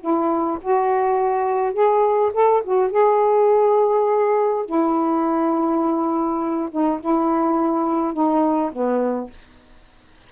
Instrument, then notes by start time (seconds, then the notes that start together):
saxophone
0.00 E4
0.61 F#4
1.73 G#4
2.33 A4
2.64 F#4
2.91 G#4
4.65 E4
6.71 D#4
7.00 E4
8.13 D#4
8.72 B3